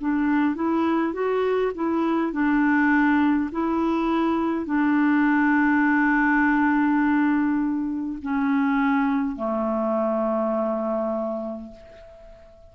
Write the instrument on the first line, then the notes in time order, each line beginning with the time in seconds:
clarinet
0.00 D4
0.55 E4
1.13 F#4
1.74 E4
2.32 D4
3.51 E4
4.65 D4
8.21 C#4
9.35 A3